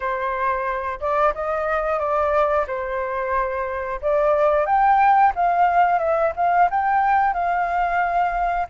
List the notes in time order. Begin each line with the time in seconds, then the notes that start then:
0.00 C5
1.00 D5
1.34 D#5
1.98 D5
2.67 C5
4.02 D5
4.65 G5
5.35 F5
5.98 E5
6.35 F5
6.70 G5
7.33 F5